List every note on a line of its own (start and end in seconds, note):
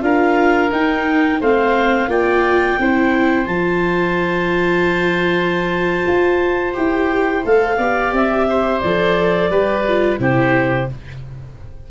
0.00 0.70 D4
0.00 0.69 F4
0.00 1.40 A#4
0.00 0.71 F5
0.71 1.40 D#4
0.71 1.41 D#4
0.71 1.41 G5
1.40 2.07 A3
1.40 2.08 C4
1.40 2.09 C5
1.40 2.10 F5
2.07 2.76 A#3
2.07 2.77 F4
2.07 2.78 D5
2.07 3.46 G5
2.79 3.47 C4
2.79 3.45 E4
2.79 7.77 C5
3.45 6.05 F3
3.45 6.72 F4
3.45 6.73 A5
6.07 6.76 F4
6.73 7.45 E4
6.73 7.42 G4
6.73 7.44 G5
7.44 7.78 A3
7.44 7.79 A4
7.44 8.14 F5
7.77 8.12 B3
7.77 8.84 G4
7.77 8.46 D5
8.12 8.81 C4
8.12 8.80 E5
8.49 9.50 C5
8.80 9.50 F3
8.80 9.51 A4
8.80 10.18 D5
9.50 10.19 G3
9.50 9.85 G4
9.50 10.19 B4
9.88 10.18 F4
10.18 10.88 C3
10.18 10.87 E4
10.18 10.90 G4
10.18 10.89 C5